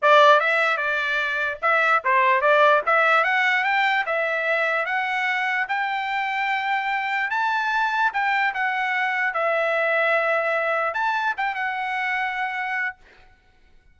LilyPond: \new Staff \with { instrumentName = "trumpet" } { \time 4/4 \tempo 4 = 148 d''4 e''4 d''2 | e''4 c''4 d''4 e''4 | fis''4 g''4 e''2 | fis''2 g''2~ |
g''2 a''2 | g''4 fis''2 e''4~ | e''2. a''4 | g''8 fis''2.~ fis''8 | }